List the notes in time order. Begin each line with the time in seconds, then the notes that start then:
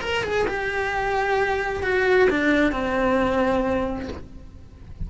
0.00 A#4
0.23 G#4
0.47 G4
1.83 F#4
2.29 D4
2.71 C4